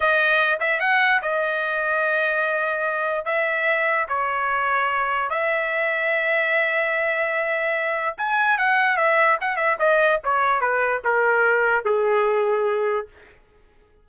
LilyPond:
\new Staff \with { instrumentName = "trumpet" } { \time 4/4 \tempo 4 = 147 dis''4. e''8 fis''4 dis''4~ | dis''1 | e''2 cis''2~ | cis''4 e''2.~ |
e''1 | gis''4 fis''4 e''4 fis''8 e''8 | dis''4 cis''4 b'4 ais'4~ | ais'4 gis'2. | }